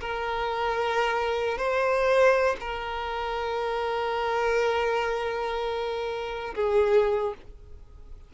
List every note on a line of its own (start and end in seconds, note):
0.00 1.57 A#4
1.57 2.56 C5
2.60 6.55 A#4
6.55 7.33 G#4